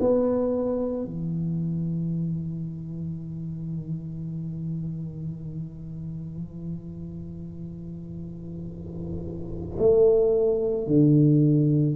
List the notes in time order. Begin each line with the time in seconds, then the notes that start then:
0.00 B3
1.05 E3
9.79 A3
10.87 D3